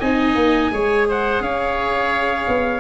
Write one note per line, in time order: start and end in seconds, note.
0.00 0.35 C4
0.00 0.72 D#4
0.00 0.71 D#5
0.00 1.06 G#5
0.35 0.71 A#3
0.71 1.40 G#3
0.71 2.80 G#4
0.71 1.08 C#5
1.08 1.43 C5
1.08 1.43 F#5
1.40 2.46 C#4
1.40 2.80 C#5
1.40 2.80 F5
2.48 2.80 B3